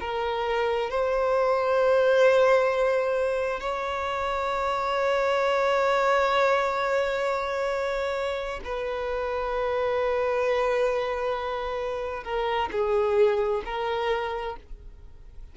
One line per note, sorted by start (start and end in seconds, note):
0.00 0.90 A#4
0.90 3.60 C5
3.60 8.60 C#5
8.64 12.24 B4
12.24 12.69 A#4
12.72 13.63 G#4
13.65 14.56 A#4